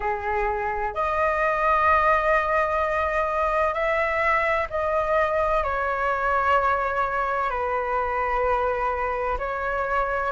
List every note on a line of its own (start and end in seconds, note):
0.00 0.94 G#4
0.94 3.74 D#5
3.74 4.67 E5
4.70 5.63 D#5
5.63 7.50 C#5
7.50 9.37 B4
9.38 10.32 C#5